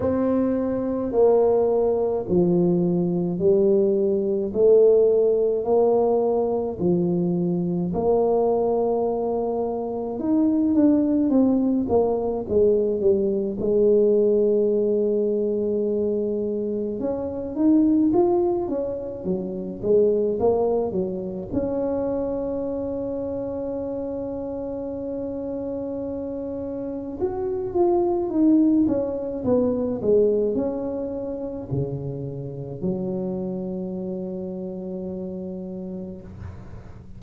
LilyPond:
\new Staff \with { instrumentName = "tuba" } { \time 4/4 \tempo 4 = 53 c'4 ais4 f4 g4 | a4 ais4 f4 ais4~ | ais4 dis'8 d'8 c'8 ais8 gis8 g8 | gis2. cis'8 dis'8 |
f'8 cis'8 fis8 gis8 ais8 fis8 cis'4~ | cis'1 | fis'8 f'8 dis'8 cis'8 b8 gis8 cis'4 | cis4 fis2. | }